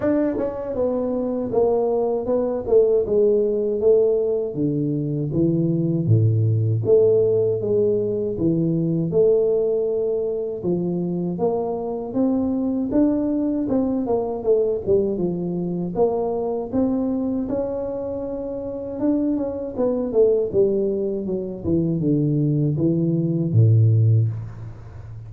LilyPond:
\new Staff \with { instrumentName = "tuba" } { \time 4/4 \tempo 4 = 79 d'8 cis'8 b4 ais4 b8 a8 | gis4 a4 d4 e4 | a,4 a4 gis4 e4 | a2 f4 ais4 |
c'4 d'4 c'8 ais8 a8 g8 | f4 ais4 c'4 cis'4~ | cis'4 d'8 cis'8 b8 a8 g4 | fis8 e8 d4 e4 a,4 | }